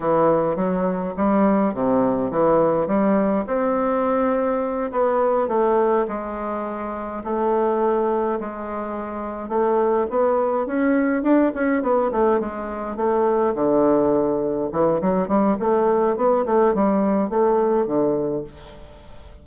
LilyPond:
\new Staff \with { instrumentName = "bassoon" } { \time 4/4 \tempo 4 = 104 e4 fis4 g4 c4 | e4 g4 c'2~ | c'8 b4 a4 gis4.~ | gis8 a2 gis4.~ |
gis8 a4 b4 cis'4 d'8 | cis'8 b8 a8 gis4 a4 d8~ | d4. e8 fis8 g8 a4 | b8 a8 g4 a4 d4 | }